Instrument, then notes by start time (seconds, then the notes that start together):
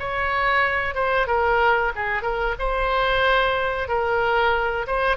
oboe
0.00 C#5
0.95 C5
1.27 A#4
1.96 G#4
2.22 A#4
2.59 C5
3.89 A#4
4.87 C5